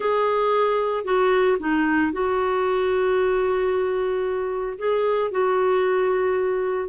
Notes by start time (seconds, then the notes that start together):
0.00 G#4
1.04 F#4
1.59 D#4
2.12 F#4
4.78 G#4
5.31 F#4